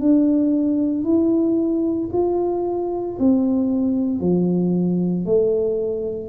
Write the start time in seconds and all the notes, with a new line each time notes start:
0.00 D4
1.04 E4
2.12 F4
3.19 C4
4.20 F3
5.25 A3